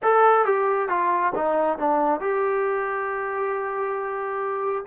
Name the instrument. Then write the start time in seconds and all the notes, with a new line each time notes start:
trombone
0.02 A4
0.45 G4
0.88 F4
1.35 D#4
1.78 D4
2.20 G4